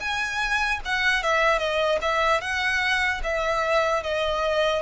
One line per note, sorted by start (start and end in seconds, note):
0.00 0.80 G#5
0.85 1.23 F#5
1.23 1.59 E5
1.59 1.99 D#5
2.01 2.41 E5
2.41 3.21 F#5
3.24 4.03 E5
4.03 4.82 D#5